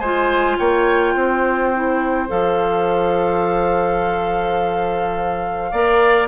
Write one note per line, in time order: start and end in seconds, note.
0.00 0.57 G#3
0.00 1.75 F4
0.00 0.57 C5
0.00 0.57 G#5
0.58 1.15 A#3
0.58 1.14 C#5
0.58 2.30 G5
1.14 2.29 C4
1.14 5.71 C5
1.75 2.28 E4
2.28 5.72 F3
2.28 5.71 A4
2.28 6.28 F5
5.71 6.28 A#3
5.71 6.28 A#4
5.71 6.28 D5